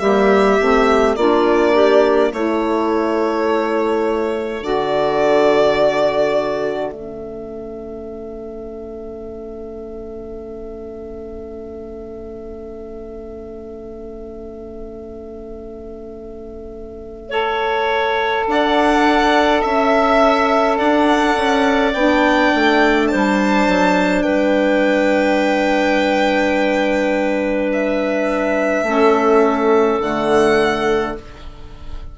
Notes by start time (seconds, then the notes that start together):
0.00 G3 A#3 G4 E5
0.60 A3 C4
1.16 A#3 D4 F4 D5
1.74 G4
2.32 A3 E4 A4 C#5
4.62 D3 F#4 D5
6.92 A3 C#4 E5
17.30 A4 C#5
18.47 D4 D5 F#5
19.62 C#4 E5
20.78 D4 D5 F#5
21.36 C#4
21.94 B3 D4 G5
22.55 A3
23.08 C5 A5
23.14 G3
23.68 F#3
24.23 G3 B4 G5
27.73 E5
28.83 A3 C#4 A4
30.00 D3 A3 F#5